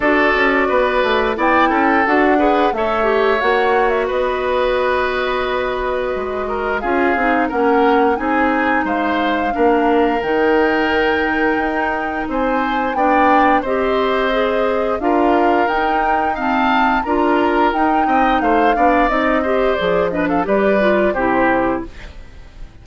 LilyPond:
<<
  \new Staff \with { instrumentName = "flute" } { \time 4/4 \tempo 4 = 88 d''2 g''4 fis''4 | e''4 fis''8. e''16 dis''2~ | dis''2 f''4 fis''4 | gis''4 f''2 g''4~ |
g''2 gis''4 g''4 | dis''2 f''4 g''4 | a''4 ais''4 g''4 f''4 | dis''4 d''8 dis''16 f''16 d''4 c''4 | }
  \new Staff \with { instrumentName = "oboe" } { \time 4/4 a'4 b'4 d''8 a'4 b'8 | cis''2 b'2~ | b'4. ais'8 gis'4 ais'4 | gis'4 c''4 ais'2~ |
ais'2 c''4 d''4 | c''2 ais'2 | f''4 ais'4. dis''8 c''8 d''8~ | d''8 c''4 b'16 a'16 b'4 g'4 | }
  \new Staff \with { instrumentName = "clarinet" } { \time 4/4 fis'2 e'4 fis'8 gis'8 | a'8 g'8 fis'2.~ | fis'2 f'8 dis'8 cis'4 | dis'2 d'4 dis'4~ |
dis'2. d'4 | g'4 gis'4 f'4 dis'4 | c'4 f'4 dis'4. d'8 | dis'8 g'8 gis'8 d'8 g'8 f'8 e'4 | }
  \new Staff \with { instrumentName = "bassoon" } { \time 4/4 d'8 cis'8 b8 a8 b8 cis'8 d'4 | a4 ais4 b2~ | b4 gis4 cis'8 c'8 ais4 | c'4 gis4 ais4 dis4~ |
dis4 dis'4 c'4 b4 | c'2 d'4 dis'4~ | dis'4 d'4 dis'8 c'8 a8 b8 | c'4 f4 g4 c4 | }
>>